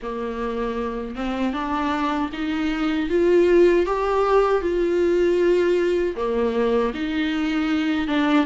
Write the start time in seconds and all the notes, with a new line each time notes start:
0.02 A#3
1.15 C4
1.53 D4
2.32 D#4
3.09 F4
3.85 G4
4.62 F4
6.16 A#3
6.94 D#4
8.07 D4